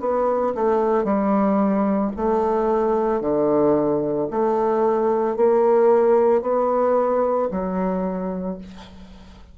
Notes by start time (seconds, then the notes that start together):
0.00 B3
0.55 A3
1.04 G3
2.17 A3
3.21 D3
4.31 A3
5.37 A#3
6.42 B3
7.51 F#3